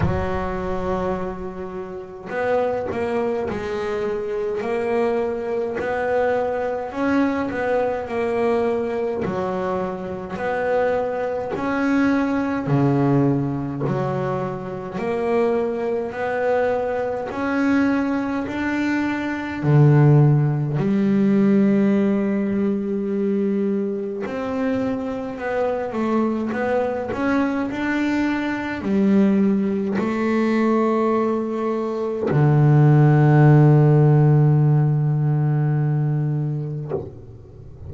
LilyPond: \new Staff \with { instrumentName = "double bass" } { \time 4/4 \tempo 4 = 52 fis2 b8 ais8 gis4 | ais4 b4 cis'8 b8 ais4 | fis4 b4 cis'4 cis4 | fis4 ais4 b4 cis'4 |
d'4 d4 g2~ | g4 c'4 b8 a8 b8 cis'8 | d'4 g4 a2 | d1 | }